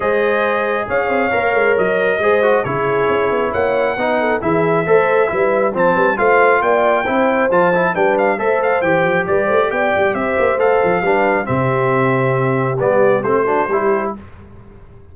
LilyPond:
<<
  \new Staff \with { instrumentName = "trumpet" } { \time 4/4 \tempo 4 = 136 dis''2 f''2 | dis''2 cis''2 | fis''2 e''2~ | e''4 a''4 f''4 g''4~ |
g''4 a''4 g''8 f''8 e''8 f''8 | g''4 d''4 g''4 e''4 | f''2 e''2~ | e''4 d''4 c''2 | }
  \new Staff \with { instrumentName = "horn" } { \time 4/4 c''2 cis''2~ | cis''4 c''4 gis'2 | cis''4 b'8 a'8 gis'4 c''4 | b'4 c''8 b'8 c''4 d''4 |
c''2 b'4 c''4~ | c''4 b'8 c''8 d''4 c''4~ | c''4 b'4 g'2~ | g'2~ g'8 fis'8 g'4 | }
  \new Staff \with { instrumentName = "trombone" } { \time 4/4 gis'2. ais'4~ | ais'4 gis'8 fis'8 e'2~ | e'4 dis'4 e'4 a'4 | e'4 c'4 f'2 |
e'4 f'8 e'8 d'4 a'4 | g'1 | a'4 d'4 c'2~ | c'4 b4 c'8 d'8 e'4 | }
  \new Staff \with { instrumentName = "tuba" } { \time 4/4 gis2 cis'8 c'8 ais8 gis8 | fis4 gis4 cis4 cis'8 b8 | ais4 b4 e4 a4 | g4 f8 g8 a4 ais4 |
c'4 f4 g4 a4 | e8 f8 g8 a8 b8 g8 c'8 ais8 | a8 f8 g4 c2~ | c4 g4 a4 g4 | }
>>